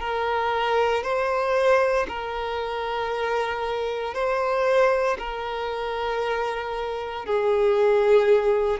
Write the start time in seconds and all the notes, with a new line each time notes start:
0.00 A#4
1.03 C5
2.08 A#4
4.14 C5
5.19 A#4
7.26 G#4